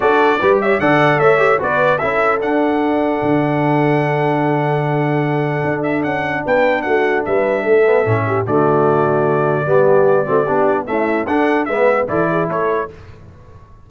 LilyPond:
<<
  \new Staff \with { instrumentName = "trumpet" } { \time 4/4 \tempo 4 = 149 d''4. e''8 fis''4 e''4 | d''4 e''4 fis''2~ | fis''1~ | fis''2~ fis''8 e''8 fis''4 |
g''4 fis''4 e''2~ | e''4 d''2.~ | d''2. e''4 | fis''4 e''4 d''4 cis''4 | }
  \new Staff \with { instrumentName = "horn" } { \time 4/4 a'4 b'8 cis''8 d''4 cis''4 | b'4 a'2.~ | a'1~ | a'1 |
b'4 fis'4 b'4 a'4~ | a'8 g'8 fis'2. | g'4. fis'8 g'4 e'4 | a'4 b'4 a'8 gis'8 a'4 | }
  \new Staff \with { instrumentName = "trombone" } { \time 4/4 fis'4 g'4 a'4. g'8 | fis'4 e'4 d'2~ | d'1~ | d'1~ |
d'2.~ d'8 b8 | cis'4 a2. | b4. c'8 d'4 a4 | d'4 b4 e'2 | }
  \new Staff \with { instrumentName = "tuba" } { \time 4/4 d'4 g4 d4 a4 | b4 cis'4 d'2 | d1~ | d2 d'4 cis'4 |
b4 a4 g4 a4 | a,4 d2. | g4. a8 b4 cis'4 | d'4 gis4 e4 a4 | }
>>